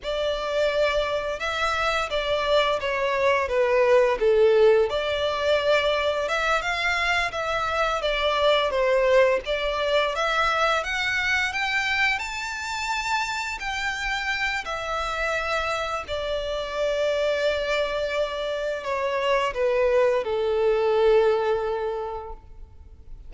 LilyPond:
\new Staff \with { instrumentName = "violin" } { \time 4/4 \tempo 4 = 86 d''2 e''4 d''4 | cis''4 b'4 a'4 d''4~ | d''4 e''8 f''4 e''4 d''8~ | d''8 c''4 d''4 e''4 fis''8~ |
fis''8 g''4 a''2 g''8~ | g''4 e''2 d''4~ | d''2. cis''4 | b'4 a'2. | }